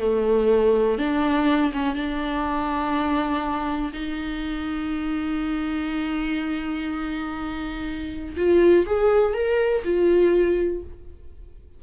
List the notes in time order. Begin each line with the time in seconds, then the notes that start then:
0.00 A3
0.99 D4
1.73 C#4
1.95 D4
3.93 D#4
8.37 F4
8.86 G#4
9.34 A#4
9.84 F4